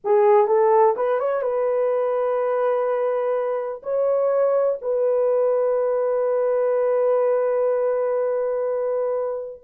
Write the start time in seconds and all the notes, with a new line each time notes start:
0.04 G#4
0.47 A4
0.96 B4
1.19 C#5
1.42 B4
3.82 C#5
4.81 B4